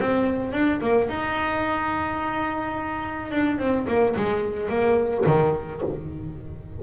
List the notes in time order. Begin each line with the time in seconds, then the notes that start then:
0.00 C4
0.53 D4
0.81 A#3
1.09 D#4
3.31 D4
3.58 C4
3.87 A#3
4.16 G#3
4.69 A#3
5.26 D#3